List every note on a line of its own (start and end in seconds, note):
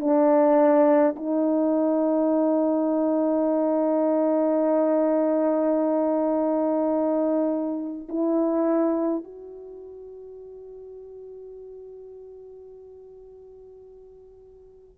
0.00 1.15 D4
1.16 8.08 D#4
8.09 9.24 E4
9.24 14.98 F#4